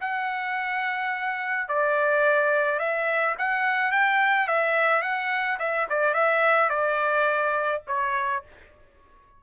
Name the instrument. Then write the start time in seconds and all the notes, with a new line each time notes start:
trumpet
0.00 F#5
1.68 D5
2.79 E5
3.38 F#5
3.91 G5
4.47 E5
5.02 F#5
5.59 E5
5.89 D5
6.13 E5
6.69 D5
7.87 C#5